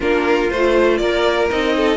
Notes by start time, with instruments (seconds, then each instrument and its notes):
0.00 cello A#3, viola D4, violin F4 A#4
0.50 cello A3, viola F4, violin C5
0.97 cello A#3, violin A#4 D5
1.50 cello C4, viola D#4, violin D#5
1.76 violin A4